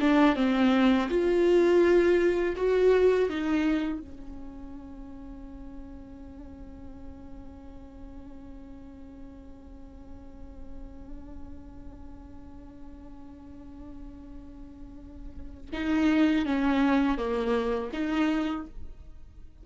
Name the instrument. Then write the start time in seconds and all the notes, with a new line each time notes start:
viola
0.00 D4
0.36 C4
1.09 F4
2.56 F#4
3.29 D#4
3.99 C#4
15.72 D#4
16.45 C#4
17.17 A#3
17.93 D#4